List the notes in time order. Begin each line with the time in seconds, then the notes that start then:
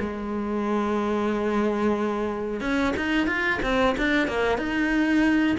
0.00 G#3
2.60 C#4
2.97 D#4
3.27 F4
3.63 C4
3.97 D4
4.28 A#3
4.58 D#4